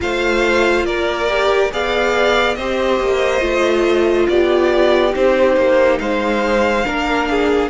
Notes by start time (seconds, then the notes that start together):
0.00 A3 F4 C5 F5
0.84 A#3 A#4 D5
1.27 G4
1.71 B3 G#4 D5 F5
2.54 C4 G4 C5 D#5
3.00 A#3
3.39 A3 F4
4.28 B3 G4 D5
5.10 C4 D#4 C5
5.56 A#3
5.98 G#3 C5 F5
6.85 A#3 D4 A#4
7.30 G#4